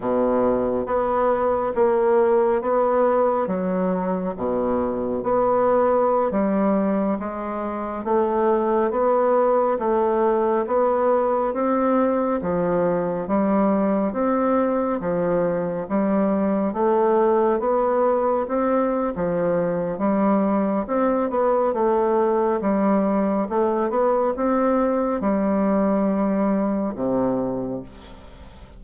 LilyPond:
\new Staff \with { instrumentName = "bassoon" } { \time 4/4 \tempo 4 = 69 b,4 b4 ais4 b4 | fis4 b,4 b4~ b16 g8.~ | g16 gis4 a4 b4 a8.~ | a16 b4 c'4 f4 g8.~ |
g16 c'4 f4 g4 a8.~ | a16 b4 c'8. f4 g4 | c'8 b8 a4 g4 a8 b8 | c'4 g2 c4 | }